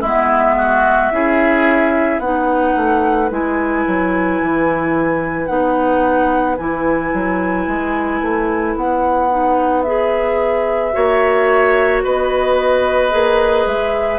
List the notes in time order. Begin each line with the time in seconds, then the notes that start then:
0.00 G#3 B3 E4 E5
0.58 F#4
1.11 C#4 E4 G#4
2.19 B3 D#4 B4 F#5
2.76 A3
3.30 G#3 E4 G#5
3.87 F#3
4.41 E3
5.46 B3 D#4 F#5
6.57 E3 E4 G#5
7.13 F#3
7.67 G#3
8.21 A3
8.75 B3 F#5
9.30 D#4
9.82 G#4 E5
10.92 A#3 F#4 C#5
12.03 B3 B4 D#5
13.10 A#3 G#4
13.65 G#3 E5